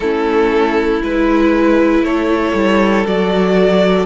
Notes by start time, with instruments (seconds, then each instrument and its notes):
0.00 cello A3, viola C#4, violin E4 A4
1.02 cello G#3, viola E4, violin B4
2.01 cello A3, violin A4 C#5
2.54 cello G3
3.04 cello F#3, viola F#4, violin D5